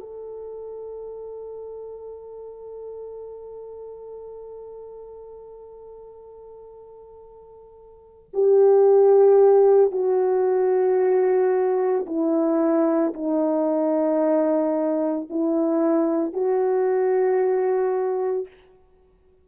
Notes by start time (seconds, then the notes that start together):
0.00 A4
8.33 G4
9.92 F#4
12.06 E4
13.14 D#4
15.30 E4
16.33 F#4